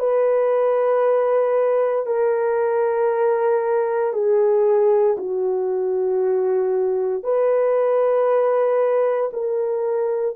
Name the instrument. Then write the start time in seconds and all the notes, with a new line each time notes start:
horn
0.00 B4
2.06 A#4
4.13 G#4
5.18 F#4
7.24 B4
9.33 A#4